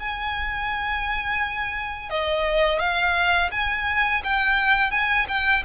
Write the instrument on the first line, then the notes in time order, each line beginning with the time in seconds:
violin
0.00 G#5
2.10 D#5
2.80 F5
3.52 G#5
4.24 G5
4.91 G#5
5.28 G5